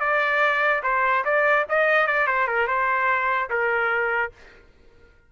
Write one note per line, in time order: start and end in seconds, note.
0.00 0.82 D5
0.83 1.24 C5
1.25 1.66 D5
1.69 2.07 D#5
2.07 2.27 D5
2.27 2.48 C5
2.48 2.67 A#4
2.67 3.50 C5
3.50 4.32 A#4